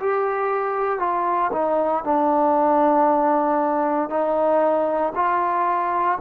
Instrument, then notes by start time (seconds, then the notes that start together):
trombone
0.00 G4
0.99 F4
1.52 D#4
2.04 D4
4.09 D#4
5.15 F4